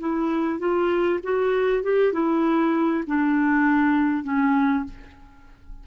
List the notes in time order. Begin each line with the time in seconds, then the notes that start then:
0.00 E4
0.60 F4
1.23 F#4
1.83 G4
2.13 E4
3.07 D4
4.24 C#4